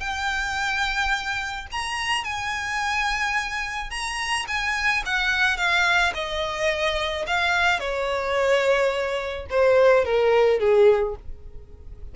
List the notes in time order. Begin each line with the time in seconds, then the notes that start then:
0.00 G5
1.71 A#5
2.24 G#5
3.90 A#5
4.48 G#5
5.06 F#5
5.57 F5
6.14 D#5
7.27 F5
7.80 C#5
9.50 C5
10.05 A#4
10.60 G#4